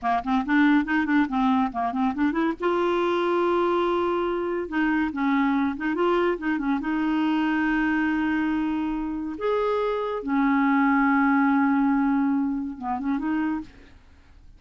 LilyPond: \new Staff \with { instrumentName = "clarinet" } { \time 4/4 \tempo 4 = 141 ais8 c'8 d'4 dis'8 d'8 c'4 | ais8 c'8 d'8 e'8 f'2~ | f'2. dis'4 | cis'4. dis'8 f'4 dis'8 cis'8 |
dis'1~ | dis'2 gis'2 | cis'1~ | cis'2 b8 cis'8 dis'4 | }